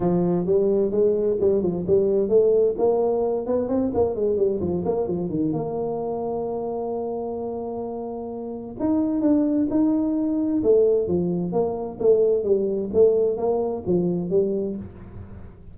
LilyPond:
\new Staff \with { instrumentName = "tuba" } { \time 4/4 \tempo 4 = 130 f4 g4 gis4 g8 f8 | g4 a4 ais4. b8 | c'8 ais8 gis8 g8 f8 ais8 f8 dis8 | ais1~ |
ais2. dis'4 | d'4 dis'2 a4 | f4 ais4 a4 g4 | a4 ais4 f4 g4 | }